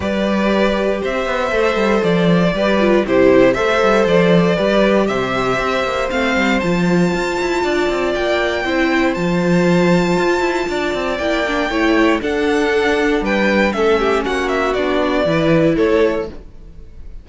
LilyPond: <<
  \new Staff \with { instrumentName = "violin" } { \time 4/4 \tempo 4 = 118 d''2 e''2 | d''2 c''4 e''4 | d''2 e''2 | f''4 a''2. |
g''2 a''2~ | a''2 g''2 | fis''2 g''4 e''4 | fis''8 e''8 d''2 cis''4 | }
  \new Staff \with { instrumentName = "violin" } { \time 4/4 b'2 c''2~ | c''4 b'4 g'4 c''4~ | c''4 b'4 c''2~ | c''2. d''4~ |
d''4 c''2.~ | c''4 d''2 cis''4 | a'2 b'4 a'8 g'8 | fis'2 b'4 a'4 | }
  \new Staff \with { instrumentName = "viola" } { \time 4/4 g'2. a'4~ | a'4 g'8 f'8 e'4 a'4~ | a'4 g'2. | c'4 f'2.~ |
f'4 e'4 f'2~ | f'2 e'8 d'8 e'4 | d'2. cis'4~ | cis'4 d'4 e'2 | }
  \new Staff \with { instrumentName = "cello" } { \time 4/4 g2 c'8 b8 a8 g8 | f4 g4 c4 a8 g8 | f4 g4 c4 c'8 ais8 | a8 g8 f4 f'8 e'8 d'8 c'8 |
ais4 c'4 f2 | f'8 e'8 d'8 c'8 ais4 a4 | d'2 g4 a4 | ais4 b4 e4 a4 | }
>>